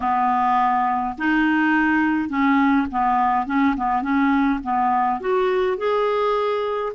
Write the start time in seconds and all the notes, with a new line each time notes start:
0.00 B3
1.18 D#4
2.29 C#4
2.91 B3
3.46 C#4
3.76 B3
4.01 C#4
4.63 B3
5.20 F#4
5.77 G#4